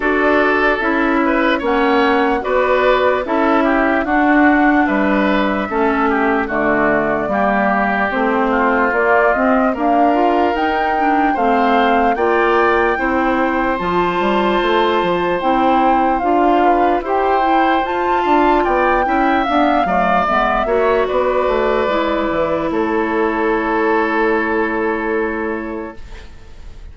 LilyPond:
<<
  \new Staff \with { instrumentName = "flute" } { \time 4/4 \tempo 4 = 74 d''4 e''4 fis''4 d''4 | e''4 fis''4 e''2 | d''2 c''4 d''8 dis''8 | f''4 g''4 f''4 g''4~ |
g''4 a''2 g''4 | f''4 g''4 a''4 g''4 | f''4 e''4 d''2 | cis''1 | }
  \new Staff \with { instrumentName = "oboe" } { \time 4/4 a'4. b'8 cis''4 b'4 | a'8 g'8 fis'4 b'4 a'8 g'8 | fis'4 g'4. f'4. | ais'2 c''4 d''4 |
c''1~ | c''8 b'8 c''4. f''8 d''8 e''8~ | e''8 d''4 cis''8 b'2 | a'1 | }
  \new Staff \with { instrumentName = "clarinet" } { \time 4/4 fis'4 e'4 cis'4 fis'4 | e'4 d'2 cis'4 | a4 ais4 c'4 ais8 c'8 | ais8 f'8 dis'8 d'8 c'4 f'4 |
e'4 f'2 e'4 | f'4 g'8 e'8 f'4. e'8 | b8 a8 b8 fis'4. e'4~ | e'1 | }
  \new Staff \with { instrumentName = "bassoon" } { \time 4/4 d'4 cis'4 ais4 b4 | cis'4 d'4 g4 a4 | d4 g4 a4 ais8 c'8 | d'4 dis'4 a4 ais4 |
c'4 f8 g8 a8 f8 c'4 | d'4 e'4 f'8 d'8 b8 cis'8 | d'8 fis8 gis8 ais8 b8 a8 gis8 e8 | a1 | }
>>